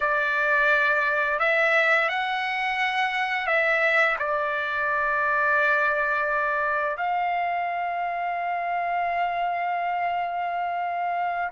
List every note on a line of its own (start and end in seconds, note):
0.00 1.39 D5
1.39 2.08 E5
2.08 3.46 F#5
3.46 4.16 E5
4.18 6.97 D5
6.97 11.50 F5